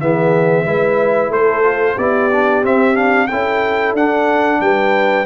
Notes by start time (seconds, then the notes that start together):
0.00 E3 B3 G#4 E5
0.65 G#3 E4 B4
1.29 A3 A4 C5
1.63 F4
1.96 B3 E4 G4 D5
2.32 D4
2.63 C4 E5
2.95 D4 F5
3.27 C#4 E4 A4 G5
3.93 D4 F#5
4.60 G3 B4 G5